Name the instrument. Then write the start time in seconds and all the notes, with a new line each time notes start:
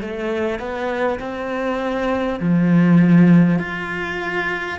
cello
0.00 A3
0.59 B3
1.19 C4
2.39 F3
3.58 F4